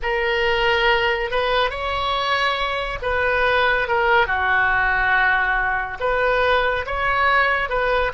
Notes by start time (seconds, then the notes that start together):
0.02 A#4
1.31 B4
1.70 C#5
3.02 B4
3.88 A#4
4.26 F#4
6.00 B4
6.86 C#5
7.69 B4